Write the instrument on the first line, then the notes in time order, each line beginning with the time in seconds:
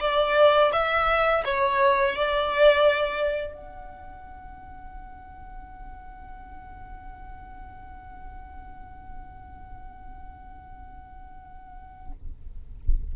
violin
0.00 D5
0.72 E5
1.45 C#5
2.16 D5
3.54 F#5